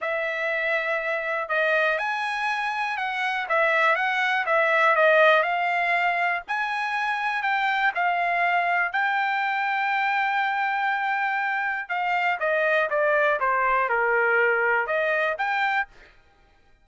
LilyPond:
\new Staff \with { instrumentName = "trumpet" } { \time 4/4 \tempo 4 = 121 e''2. dis''4 | gis''2 fis''4 e''4 | fis''4 e''4 dis''4 f''4~ | f''4 gis''2 g''4 |
f''2 g''2~ | g''1 | f''4 dis''4 d''4 c''4 | ais'2 dis''4 g''4 | }